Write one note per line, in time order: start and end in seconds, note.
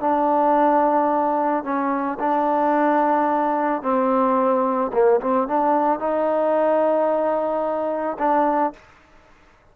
0.00 1.64 D4
1.64 2.18 C#4
2.19 3.82 D4
3.82 4.91 C4
4.93 5.20 A#3
5.20 5.47 C4
5.47 5.99 D4
5.99 8.17 D#4
8.18 8.73 D4